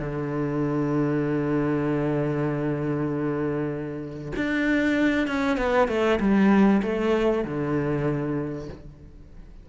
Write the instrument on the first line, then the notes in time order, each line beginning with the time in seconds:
cello
0.00 D3
4.36 D4
5.27 C#4
5.58 B3
5.88 A3
6.20 G3
6.83 A3
7.45 D3